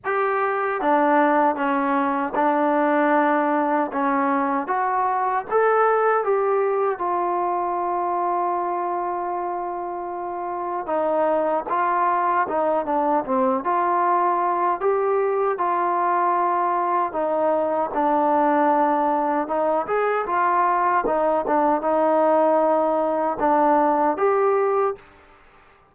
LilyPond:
\new Staff \with { instrumentName = "trombone" } { \time 4/4 \tempo 4 = 77 g'4 d'4 cis'4 d'4~ | d'4 cis'4 fis'4 a'4 | g'4 f'2.~ | f'2 dis'4 f'4 |
dis'8 d'8 c'8 f'4. g'4 | f'2 dis'4 d'4~ | d'4 dis'8 gis'8 f'4 dis'8 d'8 | dis'2 d'4 g'4 | }